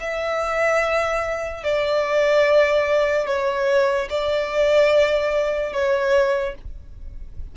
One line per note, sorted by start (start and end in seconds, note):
0.00 1.64 E5
1.64 3.27 D5
3.27 4.09 C#5
4.10 5.73 D5
5.73 6.55 C#5